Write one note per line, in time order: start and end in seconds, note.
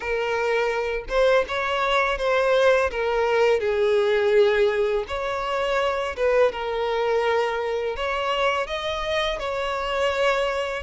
0.00 1.04 A#4
1.08 1.45 C5
1.48 2.18 C#5
2.18 2.90 C5
2.90 3.60 A#4
3.60 5.04 G#4
5.07 6.15 C#5
6.16 6.52 B4
6.52 7.96 A#4
7.96 8.66 C#5
8.66 9.39 D#5
9.39 10.82 C#5